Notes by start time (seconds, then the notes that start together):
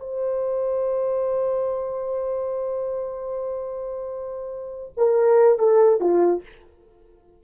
0.00 C5
4.97 A#4
5.59 A4
6.00 F4